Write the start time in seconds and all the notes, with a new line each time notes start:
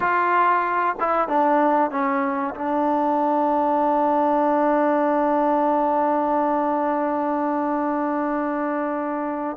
0.00 F4
1.00 E4
1.28 D4
1.90 C#4
2.54 D4